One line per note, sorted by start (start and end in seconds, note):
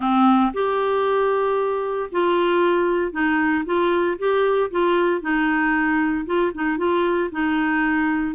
0.00 0.52 C4
0.53 2.10 G4
2.11 3.12 F4
3.12 3.64 D#4
3.65 4.17 F4
4.18 4.70 G4
4.70 5.21 F4
5.21 6.25 D#4
6.25 6.51 F4
6.54 6.77 D#4
6.77 7.29 F4
7.31 8.35 D#4